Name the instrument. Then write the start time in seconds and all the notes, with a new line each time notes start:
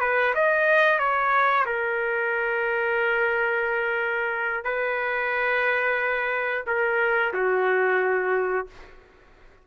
trumpet
0.00 B4
0.34 D#5
0.98 C#5
1.65 A#4
4.64 B4
6.66 A#4
7.33 F#4